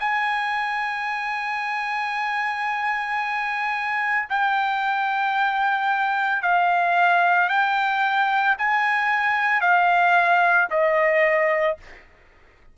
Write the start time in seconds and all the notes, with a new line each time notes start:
0.00 G#5
4.30 G5
6.42 F5
7.50 G5
8.59 G#5
9.61 F5
10.70 D#5